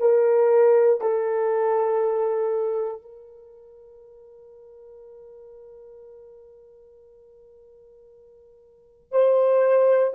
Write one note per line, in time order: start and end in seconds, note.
0.00 1.01 A#4
1.01 3.02 A4
3.02 9.12 A#4
9.12 10.14 C5